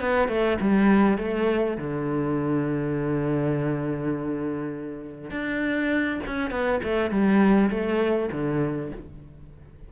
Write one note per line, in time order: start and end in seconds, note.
0.00 0.28 B3
0.28 0.58 A3
0.60 1.18 G3
1.18 1.77 A3
1.77 5.31 D3
5.31 6.20 D4
6.26 6.50 C#4
6.50 6.80 B3
6.83 7.10 A3
7.10 7.70 G3
7.70 8.29 A3
8.32 8.91 D3